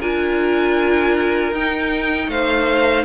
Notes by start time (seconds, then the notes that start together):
0.00 D4 F4 A#4 G#5
1.52 D#4 G5
2.28 A3 C5 F5